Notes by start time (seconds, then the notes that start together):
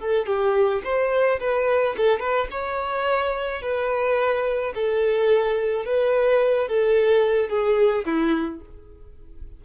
0.00 A4
0.27 G4
0.84 C5
1.41 B4
1.98 A4
2.20 B4
2.51 C#5
3.62 B4
4.75 A4
5.86 B4
6.69 A4
7.49 G#4
8.06 E4